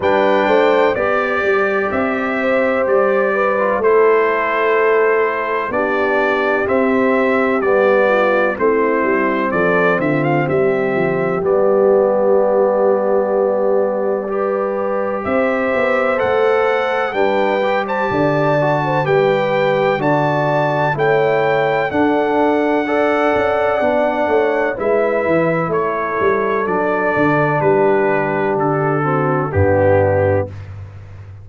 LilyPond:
<<
  \new Staff \with { instrumentName = "trumpet" } { \time 4/4 \tempo 4 = 63 g''4 d''4 e''4 d''4 | c''2 d''4 e''4 | d''4 c''4 d''8 e''16 f''16 e''4 | d''1 |
e''4 fis''4 g''8. a''4~ a''16 | g''4 a''4 g''4 fis''4~ | fis''2 e''4 cis''4 | d''4 b'4 a'4 g'4 | }
  \new Staff \with { instrumentName = "horn" } { \time 4/4 b'8 c''8 d''4. c''4 b'8 | a'2 g'2~ | g'8 f'8 e'4 a'8 f'8 g'4~ | g'2. b'4 |
c''2 b'8. c''16 d''8. c''16 | b'4 d''4 cis''4 a'4 | d''4. cis''8 b'4 a'4~ | a'4 g'4. fis'8 d'4 | }
  \new Staff \with { instrumentName = "trombone" } { \time 4/4 d'4 g'2~ g'8. f'16 | e'2 d'4 c'4 | b4 c'2. | b2. g'4~ |
g'4 a'4 d'8 g'4 fis'8 | g'4 fis'4 e'4 d'4 | a'4 d'4 e'2 | d'2~ d'8 c'8 b4 | }
  \new Staff \with { instrumentName = "tuba" } { \time 4/4 g8 a8 b8 g8 c'4 g4 | a2 b4 c'4 | g4 a8 g8 f8 d8 g8 f8 | g1 |
c'8 b8 a4 g4 d4 | g4 d4 a4 d'4~ | d'8 cis'8 b8 a8 gis8 e8 a8 g8 | fis8 d8 g4 d4 g,4 | }
>>